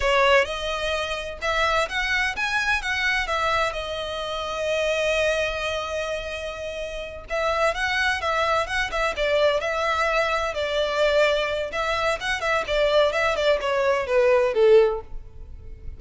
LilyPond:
\new Staff \with { instrumentName = "violin" } { \time 4/4 \tempo 4 = 128 cis''4 dis''2 e''4 | fis''4 gis''4 fis''4 e''4 | dis''1~ | dis''2.~ dis''8 e''8~ |
e''8 fis''4 e''4 fis''8 e''8 d''8~ | d''8 e''2 d''4.~ | d''4 e''4 fis''8 e''8 d''4 | e''8 d''8 cis''4 b'4 a'4 | }